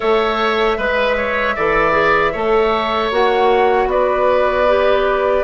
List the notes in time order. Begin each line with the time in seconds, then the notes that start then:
0.00 A3 A4 C#5 E5
0.77 G#3 B4
1.16 C#5
1.55 E3 A4 D5
1.91 G#4
2.32 A3 A4 C#5
3.11 A#3 F#4 F#5
3.86 B3 B4 D5
4.68 G4